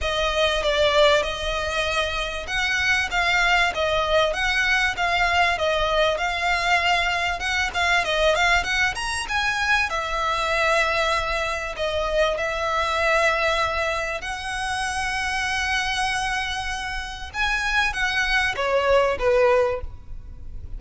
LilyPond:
\new Staff \with { instrumentName = "violin" } { \time 4/4 \tempo 4 = 97 dis''4 d''4 dis''2 | fis''4 f''4 dis''4 fis''4 | f''4 dis''4 f''2 | fis''8 f''8 dis''8 f''8 fis''8 ais''8 gis''4 |
e''2. dis''4 | e''2. fis''4~ | fis''1 | gis''4 fis''4 cis''4 b'4 | }